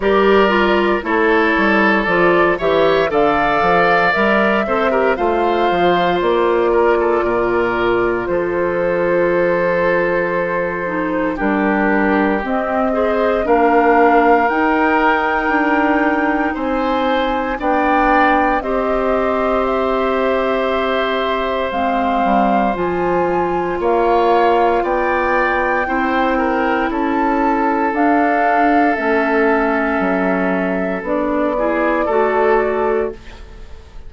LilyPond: <<
  \new Staff \with { instrumentName = "flute" } { \time 4/4 \tempo 4 = 58 d''4 cis''4 d''8 e''8 f''4 | e''4 f''4 d''2 | c''2. ais'4 | dis''4 f''4 g''2 |
gis''4 g''4 dis''4 e''4~ | e''4 f''4 gis''4 f''4 | g''2 a''4 f''4 | e''2 d''2 | }
  \new Staff \with { instrumentName = "oboe" } { \time 4/4 ais'4 a'4. cis''8 d''4~ | d''8 c''16 ais'16 c''4. ais'16 a'16 ais'4 | a'2. g'4~ | g'8 c''8 ais'2. |
c''4 d''4 c''2~ | c''2. cis''4 | d''4 c''8 ais'8 a'2~ | a'2~ a'8 gis'8 a'4 | }
  \new Staff \with { instrumentName = "clarinet" } { \time 4/4 g'8 f'8 e'4 f'8 g'8 a'4 | ais'8 a'16 g'16 f'2.~ | f'2~ f'8 dis'8 d'4 | c'8 gis'8 d'4 dis'2~ |
dis'4 d'4 g'2~ | g'4 c'4 f'2~ | f'4 e'2 d'4 | cis'2 d'8 e'8 fis'4 | }
  \new Staff \with { instrumentName = "bassoon" } { \time 4/4 g4 a8 g8 f8 e8 d8 f8 | g8 c'8 a8 f8 ais4 ais,4 | f2. g4 | c'4 ais4 dis'4 d'4 |
c'4 b4 c'2~ | c'4 gis8 g8 f4 ais4 | b4 c'4 cis'4 d'4 | a4 fis4 b4 a4 | }
>>